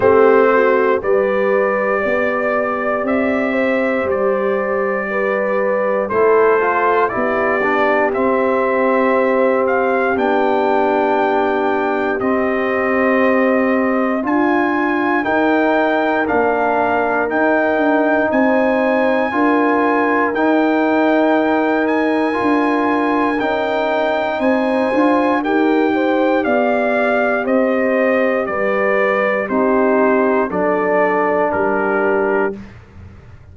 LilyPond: <<
  \new Staff \with { instrumentName = "trumpet" } { \time 4/4 \tempo 4 = 59 c''4 d''2 e''4 | d''2 c''4 d''4 | e''4. f''8 g''2 | dis''2 gis''4 g''4 |
f''4 g''4 gis''2 | g''4. gis''4. g''4 | gis''4 g''4 f''4 dis''4 | d''4 c''4 d''4 ais'4 | }
  \new Staff \with { instrumentName = "horn" } { \time 4/4 g'8 fis'8 b'4 d''4. c''8~ | c''4 b'4 a'4 g'4~ | g'1~ | g'2 f'4 ais'4~ |
ais'2 c''4 ais'4~ | ais'1 | c''4 ais'8 c''8 d''4 c''4 | b'4 g'4 a'4 g'4 | }
  \new Staff \with { instrumentName = "trombone" } { \time 4/4 c'4 g'2.~ | g'2 e'8 f'8 e'8 d'8 | c'2 d'2 | c'2 f'4 dis'4 |
d'4 dis'2 f'4 | dis'2 f'4 dis'4~ | dis'8 f'8 g'2.~ | g'4 dis'4 d'2 | }
  \new Staff \with { instrumentName = "tuba" } { \time 4/4 a4 g4 b4 c'4 | g2 a4 b4 | c'2 b2 | c'2 d'4 dis'4 |
ais4 dis'8 d'8 c'4 d'4 | dis'2 d'4 cis'4 | c'8 d'8 dis'4 b4 c'4 | g4 c'4 fis4 g4 | }
>>